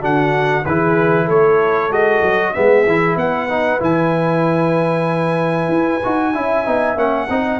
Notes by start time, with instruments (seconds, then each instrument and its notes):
0.00 tuba D3, trombone D4, horn F#4, trumpet F#5
0.65 tuba E3, trombone E4, horn G#4, trumpet B4
1.25 tuba A3, horn A4, trumpet C#5
1.89 tuba G#3, trombone F#4, trumpet D#5
2.22 tuba F#3
2.53 tuba G#3, trombone B3, horn G#4, trumpet E5
2.86 tuba E3, trombone E4
3.16 tuba B3, horn B4, trumpet F#5
3.49 trombone D#4
3.79 tuba E3, trombone E4, trumpet G#5
5.68 tuba E4
6.03 tuba D#4, trombone F#4
6.34 tuba C#4, trombone E4, horn E5
6.65 tuba B3, trombone D#4
6.96 tuba A#3, trombone C#4, trumpet F#5
7.29 tuba C4, trombone D#4, horn D#5